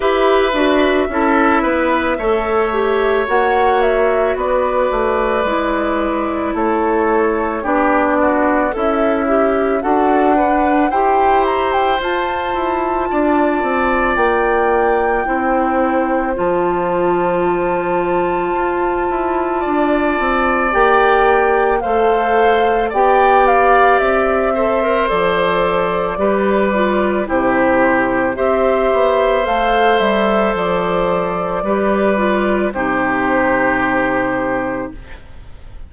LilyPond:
<<
  \new Staff \with { instrumentName = "flute" } { \time 4/4 \tempo 4 = 55 e''2. fis''8 e''8 | d''2 cis''4 d''4 | e''4 fis''4 g''8 ais''16 g''16 a''4~ | a''4 g''2 a''4~ |
a''2. g''4 | f''4 g''8 f''8 e''4 d''4~ | d''4 c''4 e''4 f''8 e''8 | d''2 c''2 | }
  \new Staff \with { instrumentName = "oboe" } { \time 4/4 b'4 a'8 b'8 cis''2 | b'2 a'4 g'8 fis'8 | e'4 a'8 b'8 c''2 | d''2 c''2~ |
c''2 d''2 | c''4 d''4. c''4. | b'4 g'4 c''2~ | c''4 b'4 g'2 | }
  \new Staff \with { instrumentName = "clarinet" } { \time 4/4 g'8 fis'8 e'4 a'8 g'8 fis'4~ | fis'4 e'2 d'4 | a'8 g'8 fis'8 d'8 g'4 f'4~ | f'2 e'4 f'4~ |
f'2. g'4 | a'4 g'4. a'16 ais'16 a'4 | g'8 f'8 e'4 g'4 a'4~ | a'4 g'8 f'8 dis'2 | }
  \new Staff \with { instrumentName = "bassoon" } { \time 4/4 e'8 d'8 cis'8 b8 a4 ais4 | b8 a8 gis4 a4 b4 | cis'4 d'4 e'4 f'8 e'8 | d'8 c'8 ais4 c'4 f4~ |
f4 f'8 e'8 d'8 c'8 ais4 | a4 b4 c'4 f4 | g4 c4 c'8 b8 a8 g8 | f4 g4 c2 | }
>>